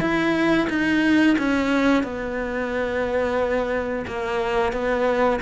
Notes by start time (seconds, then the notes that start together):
0.00 E4
0.69 D#4
1.38 C#4
2.03 B3
4.07 A#3
4.72 B3